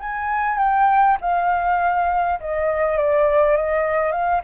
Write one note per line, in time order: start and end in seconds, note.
0.00 0.58 G#5
0.58 1.18 G5
1.22 2.40 F5
2.41 2.98 D#5
2.98 3.57 D5
3.57 4.12 D#5
4.12 4.42 F5